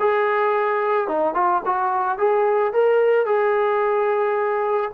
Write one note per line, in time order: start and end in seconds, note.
0.00 1.08 G#4
1.08 1.34 D#4
1.34 1.62 F4
1.65 2.18 F#4
2.18 2.73 G#4
2.73 3.26 A#4
3.26 4.91 G#4